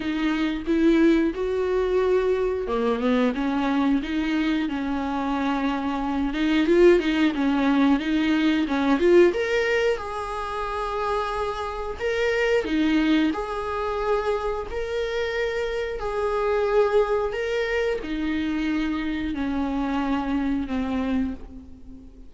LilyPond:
\new Staff \with { instrumentName = "viola" } { \time 4/4 \tempo 4 = 90 dis'4 e'4 fis'2 | ais8 b8 cis'4 dis'4 cis'4~ | cis'4. dis'8 f'8 dis'8 cis'4 | dis'4 cis'8 f'8 ais'4 gis'4~ |
gis'2 ais'4 dis'4 | gis'2 ais'2 | gis'2 ais'4 dis'4~ | dis'4 cis'2 c'4 | }